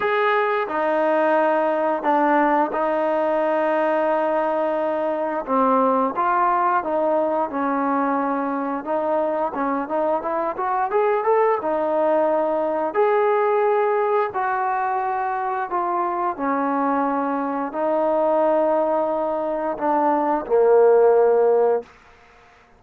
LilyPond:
\new Staff \with { instrumentName = "trombone" } { \time 4/4 \tempo 4 = 88 gis'4 dis'2 d'4 | dis'1 | c'4 f'4 dis'4 cis'4~ | cis'4 dis'4 cis'8 dis'8 e'8 fis'8 |
gis'8 a'8 dis'2 gis'4~ | gis'4 fis'2 f'4 | cis'2 dis'2~ | dis'4 d'4 ais2 | }